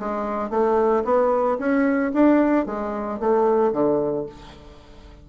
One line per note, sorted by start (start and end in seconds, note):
0.00 0.51 G#3
0.51 1.04 A3
1.05 1.59 B3
1.59 2.13 C#4
2.14 2.67 D4
2.67 3.20 G#3
3.20 3.73 A3
3.73 4.26 D3